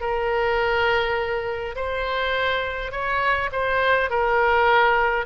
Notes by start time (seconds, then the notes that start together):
0.00 A#4
1.75 C5
2.91 C#5
3.52 C5
4.10 A#4